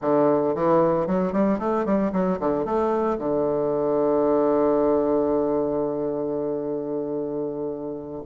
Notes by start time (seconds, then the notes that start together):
0.01 D3
0.54 E3
1.06 F#3
1.32 G3
1.58 A3
1.85 G3
2.12 F#3
2.39 D3
2.65 A3
3.18 D3